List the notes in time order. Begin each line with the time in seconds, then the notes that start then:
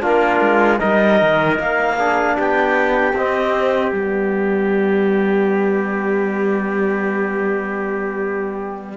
0.00 A#3 D4 F4 A#4
0.40 G#3
0.78 G3 D#4 A#4 D#5
1.21 D#3
1.59 A#3 F5
1.96 D4 G#4
2.37 B3 G4 G5
3.13 C4 D#5
3.91 G3 B3 D5